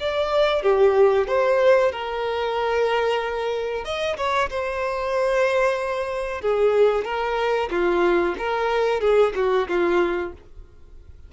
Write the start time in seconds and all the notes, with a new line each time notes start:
0.00 D5
0.63 G4
1.28 C5
1.92 A#4
3.84 D#5
4.17 C#5
4.50 C5
6.41 G#4
7.05 A#4
7.71 F4
8.38 A#4
9.01 G#4
9.35 F#4
9.68 F4